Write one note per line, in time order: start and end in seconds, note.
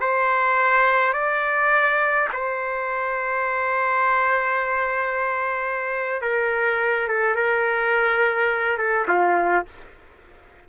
0.00 1.13 C5
1.13 2.28 D5
2.33 6.21 C5
6.21 7.08 A#4
7.08 7.35 A4
7.35 8.78 A#4
8.78 9.07 A4
9.08 9.65 F4